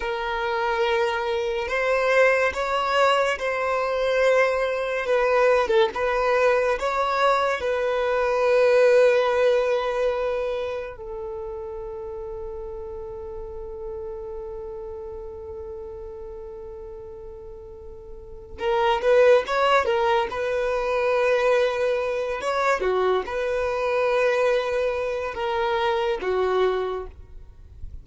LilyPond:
\new Staff \with { instrumentName = "violin" } { \time 4/4 \tempo 4 = 71 ais'2 c''4 cis''4 | c''2 b'8. a'16 b'4 | cis''4 b'2.~ | b'4 a'2.~ |
a'1~ | a'2 ais'8 b'8 cis''8 ais'8 | b'2~ b'8 cis''8 fis'8 b'8~ | b'2 ais'4 fis'4 | }